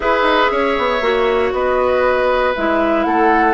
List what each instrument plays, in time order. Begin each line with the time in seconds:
0.00 bassoon E4, clarinet G#4, oboe B4, flute E5
0.22 bassoon D#4
0.51 bassoon C#4, oboe C#5
0.78 bassoon B3
1.01 bassoon A#3, clarinet F#4
1.52 bassoon B3, oboe B4, flute D#5
2.55 bassoon G#3, clarinet E4, flute E5
3.03 bassoon A3, oboe A4, flute F#5